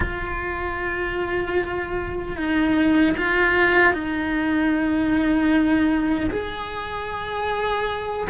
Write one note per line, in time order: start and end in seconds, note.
0.00 2.36 F4
2.36 3.15 D#4
3.17 3.93 F4
3.93 6.30 D#4
6.30 8.27 G#4